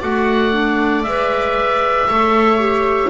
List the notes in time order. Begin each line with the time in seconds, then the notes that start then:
0.00 A3 F#4 D5 F#5
0.52 D4
1.03 G#3 B4 E5
2.08 A3 A4 C#5
2.59 G4